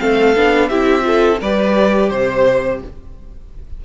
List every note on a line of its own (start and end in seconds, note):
0.00 0.36 A3
0.00 0.35 C4
0.00 0.70 A4
0.00 0.69 F5
0.36 0.71 B3
0.36 0.71 D4
0.69 1.41 C4
0.69 1.02 E4
0.69 1.05 G4
0.69 1.40 E5
1.02 1.37 F4
1.02 1.42 A4
1.41 2.11 G3
1.41 2.85 G4
1.41 2.10 B4
1.41 2.10 D5
2.10 2.82 C3
2.10 2.80 C5
2.10 2.81 C5